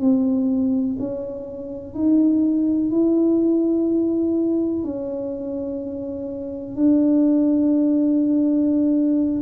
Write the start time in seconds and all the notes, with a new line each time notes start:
0.00 C4
0.99 C#4
1.94 D#4
2.91 E4
4.84 C#4
6.76 D4